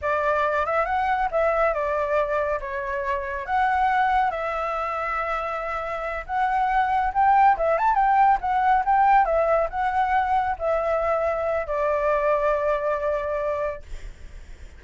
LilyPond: \new Staff \with { instrumentName = "flute" } { \time 4/4 \tempo 4 = 139 d''4. e''8 fis''4 e''4 | d''2 cis''2 | fis''2 e''2~ | e''2~ e''8 fis''4.~ |
fis''8 g''4 e''8 a''8 g''4 fis''8~ | fis''8 g''4 e''4 fis''4.~ | fis''8 e''2~ e''8 d''4~ | d''1 | }